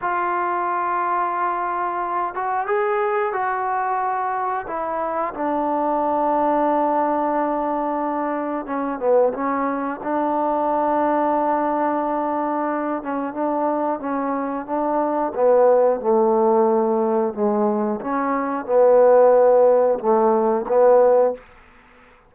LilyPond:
\new Staff \with { instrumentName = "trombone" } { \time 4/4 \tempo 4 = 90 f'2.~ f'8 fis'8 | gis'4 fis'2 e'4 | d'1~ | d'4 cis'8 b8 cis'4 d'4~ |
d'2.~ d'8 cis'8 | d'4 cis'4 d'4 b4 | a2 gis4 cis'4 | b2 a4 b4 | }